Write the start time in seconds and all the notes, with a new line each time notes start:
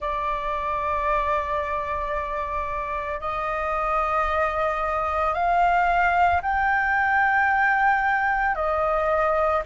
0.00 D5
3.20 D#5
5.33 F5
6.41 G5
8.55 D#5